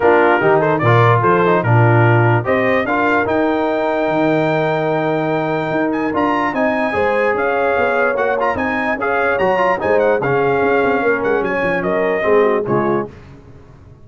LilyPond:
<<
  \new Staff \with { instrumentName = "trumpet" } { \time 4/4 \tempo 4 = 147 ais'4. c''8 d''4 c''4 | ais'2 dis''4 f''4 | g''1~ | g''2~ g''8 gis''8 ais''4 |
gis''2 f''2 | fis''8 ais''8 gis''4 f''4 ais''4 | gis''8 fis''8 f''2~ f''8 fis''8 | gis''4 dis''2 cis''4 | }
  \new Staff \with { instrumentName = "horn" } { \time 4/4 f'4 g'8 a'8 ais'4 a'4 | f'2 c''4 ais'4~ | ais'1~ | ais'1 |
dis''4 c''4 cis''2~ | cis''4 dis''4 cis''2 | c''4 gis'2 ais'4 | cis''4 ais'4 gis'8 fis'8 f'4 | }
  \new Staff \with { instrumentName = "trombone" } { \time 4/4 d'4 dis'4 f'4. dis'8 | d'2 g'4 f'4 | dis'1~ | dis'2. f'4 |
dis'4 gis'2. | fis'8 f'8 dis'4 gis'4 fis'8 f'8 | dis'4 cis'2.~ | cis'2 c'4 gis4 | }
  \new Staff \with { instrumentName = "tuba" } { \time 4/4 ais4 dis4 ais,4 f4 | ais,2 c'4 d'4 | dis'2 dis2~ | dis2 dis'4 d'4 |
c'4 gis4 cis'4 b4 | ais4 c'4 cis'4 fis4 | gis4 cis4 cis'8 c'8 ais8 gis8 | fis8 f8 fis4 gis4 cis4 | }
>>